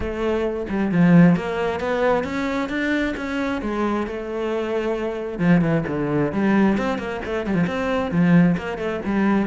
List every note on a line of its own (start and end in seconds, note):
0.00 0.66 A3
0.69 0.91 G3
0.91 1.36 F3
1.36 1.80 A#3
1.80 2.24 B3
2.24 2.69 C#4
2.69 3.14 D4
3.17 3.61 C#4
3.61 4.06 G#3
4.06 5.38 A3
5.38 5.61 F3
5.61 5.83 E3
5.87 6.32 D3
6.32 6.77 G3
6.77 6.98 C4
6.98 7.21 A#3
7.25 7.46 A3
7.46 7.54 G3
7.54 7.65 F3
7.67 8.11 C4
8.11 8.56 F3
8.57 8.78 A#3
8.78 9.00 A3
9.05 9.47 G3